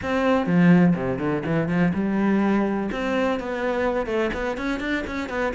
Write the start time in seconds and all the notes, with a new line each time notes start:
0.02 C4
0.46 F3
0.95 C3
1.19 D3
1.45 E3
1.68 F3
1.94 G3
2.91 C4
3.39 B3
4.06 A3
4.33 B3
4.57 C#4
4.80 D4
5.06 C#4
5.29 B3